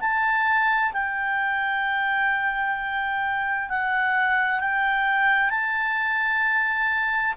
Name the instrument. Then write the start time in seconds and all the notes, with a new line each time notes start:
clarinet
0.00 A5
0.93 G5
3.69 F#5
4.59 G5
5.50 A5